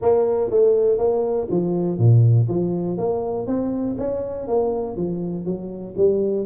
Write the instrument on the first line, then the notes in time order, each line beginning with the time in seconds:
tuba
0.01 A#3
0.50 A3
0.97 A#3
1.50 F3
1.98 A#2
2.48 F3
2.97 A#3
3.46 C4
3.98 C#4
4.47 A#3
4.96 F3
5.45 F#3
5.97 G3